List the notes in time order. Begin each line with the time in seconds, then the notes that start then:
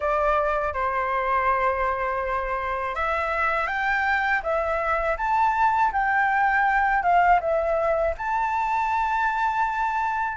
0.00 D5
0.73 C5
2.95 E5
3.67 G5
4.42 E5
5.17 A5
5.92 G5
7.02 F5
7.40 E5
8.17 A5